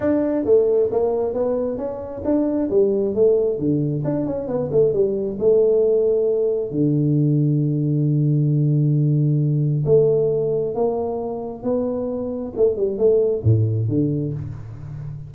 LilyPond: \new Staff \with { instrumentName = "tuba" } { \time 4/4 \tempo 4 = 134 d'4 a4 ais4 b4 | cis'4 d'4 g4 a4 | d4 d'8 cis'8 b8 a8 g4 | a2. d4~ |
d1~ | d2 a2 | ais2 b2 | a8 g8 a4 a,4 d4 | }